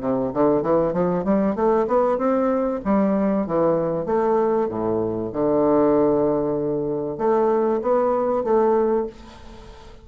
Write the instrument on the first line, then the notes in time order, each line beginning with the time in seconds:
bassoon
0.00 C3
0.34 D3
0.62 E3
0.93 F3
1.24 G3
1.55 A3
1.88 B3
2.18 C4
2.85 G3
3.47 E3
4.06 A3
4.68 A2
5.33 D3
7.18 A3
7.82 B3
8.44 A3